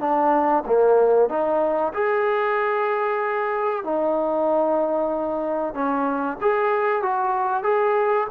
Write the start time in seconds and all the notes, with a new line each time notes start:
0.00 D4
0.66 A#3
1.29 D#4
1.94 G#4
3.84 D#4
5.74 C#4
6.41 G#4
7.03 F#4
7.64 G#4